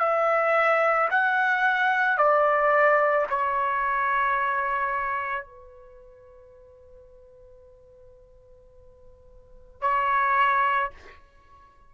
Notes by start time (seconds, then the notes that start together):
0.00 E5
1.11 F#5
2.18 D5
3.30 C#5
5.46 B4
9.81 C#5